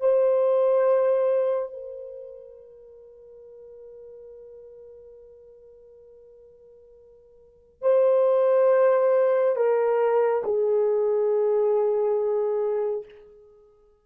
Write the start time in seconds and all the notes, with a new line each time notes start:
0.00 C5
1.73 A#4
7.82 C5
9.56 A#4
10.44 G#4